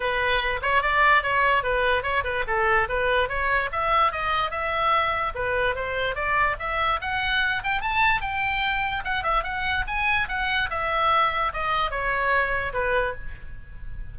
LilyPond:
\new Staff \with { instrumentName = "oboe" } { \time 4/4 \tempo 4 = 146 b'4. cis''8 d''4 cis''4 | b'4 cis''8 b'8 a'4 b'4 | cis''4 e''4 dis''4 e''4~ | e''4 b'4 c''4 d''4 |
e''4 fis''4. g''8 a''4 | g''2 fis''8 e''8 fis''4 | gis''4 fis''4 e''2 | dis''4 cis''2 b'4 | }